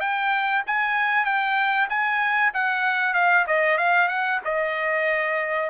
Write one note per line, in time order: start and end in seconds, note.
0.00 0.63 G5
0.67 1.25 G#5
1.25 1.88 G5
1.89 2.52 G#5
2.54 3.14 F#5
3.14 3.45 F5
3.47 3.78 D#5
3.78 4.09 F5
4.09 4.40 F#5
4.45 5.70 D#5